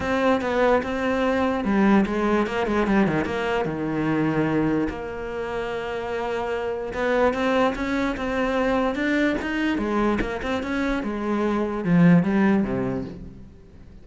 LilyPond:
\new Staff \with { instrumentName = "cello" } { \time 4/4 \tempo 4 = 147 c'4 b4 c'2 | g4 gis4 ais8 gis8 g8 dis8 | ais4 dis2. | ais1~ |
ais4 b4 c'4 cis'4 | c'2 d'4 dis'4 | gis4 ais8 c'8 cis'4 gis4~ | gis4 f4 g4 c4 | }